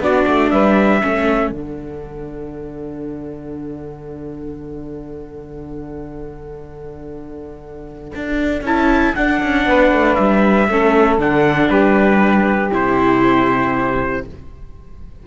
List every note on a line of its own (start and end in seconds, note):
0.00 0.25 B3
0.00 1.02 D4
0.00 0.52 F#4
0.00 0.51 D5
0.27 0.52 A3
0.51 1.03 G3
0.51 1.02 B4
0.51 1.52 E5
1.02 1.51 A3
1.02 1.52 C#4
1.02 9.66 A4
1.51 8.12 D3
1.51 8.64 D4
1.51 8.64 F#5
8.16 8.62 D4
8.62 9.13 C#4
8.62 9.17 E4
8.62 9.16 A5
9.16 9.42 D4
9.16 10.70 D4
9.16 10.15 F#5
9.43 9.66 C#4
9.66 9.92 B3
9.66 10.69 B4
9.92 10.17 A3
10.15 10.69 G3
10.15 11.17 E5
10.69 11.18 A3
10.69 11.19 C#4
10.69 11.69 A4
11.18 11.69 D3
11.18 12.72 D4
11.18 11.70 F#5
11.69 12.71 G3
11.69 14.24 G4
11.69 12.72 B4
12.72 14.26 C3
12.72 14.24 E4
12.72 14.27 C5